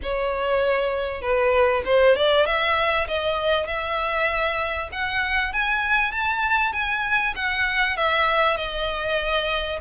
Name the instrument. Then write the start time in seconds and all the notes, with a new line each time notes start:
violin
0.03 C#5
1.21 B4
1.85 C5
2.16 D5
2.45 E5
3.07 D#5
3.67 E5
4.91 F#5
5.52 G#5
6.11 A5
6.73 G#5
7.35 F#5
7.96 E5
8.57 D#5